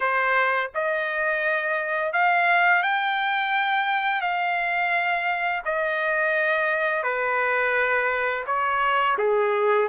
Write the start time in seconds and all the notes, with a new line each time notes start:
0.00 C5
0.74 D#5
2.12 F5
2.82 G5
4.21 F5
5.65 D#5
7.03 B4
8.46 C#5
9.18 G#4